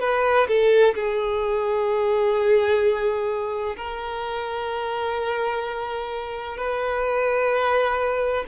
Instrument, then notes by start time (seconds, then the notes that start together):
violin
0.00 B4
0.48 A4
0.95 G#4
3.77 A#4
6.57 B4